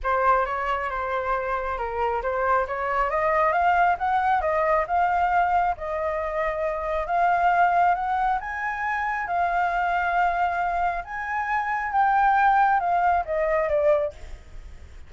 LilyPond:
\new Staff \with { instrumentName = "flute" } { \time 4/4 \tempo 4 = 136 c''4 cis''4 c''2 | ais'4 c''4 cis''4 dis''4 | f''4 fis''4 dis''4 f''4~ | f''4 dis''2. |
f''2 fis''4 gis''4~ | gis''4 f''2.~ | f''4 gis''2 g''4~ | g''4 f''4 dis''4 d''4 | }